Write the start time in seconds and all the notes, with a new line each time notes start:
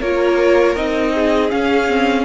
0.00 A#3 F4 A#4 C#5
0.76 C4 D#4 D#5
1.14 G#4
1.49 C#4 F5
1.88 C4